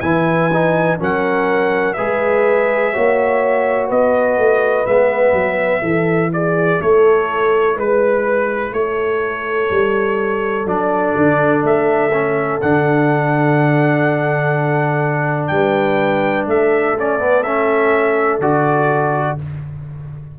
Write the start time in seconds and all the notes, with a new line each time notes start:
0.00 E3 E4 B4 G#5
0.53 D#4
0.98 F#3 C#4 A#4 F#5
1.93 G#3 G#4 B4 E5
2.92 A#3 F#4 C#5
3.87 B3 B4 D#5
4.37 A3
4.86 G#3 B3 E5
5.32 F#3
5.81 E3 E4 A4
6.33 G#4 D5
6.81 A3 A4 C#5
7.76 G#3 B4
8.72 A3 A4 C#5
9.70 G3
10.65 F#3 D4 D5
11.16 D3
11.63 A3 E5
12.12 C#4
12.61 D3 D4 F#5
15.47 G3 B4 G5
16.46 A3 A4 E5
16.98 C#4 D5
17.19 B3
17.43 C#4 E5
18.39 D3 F#4 D5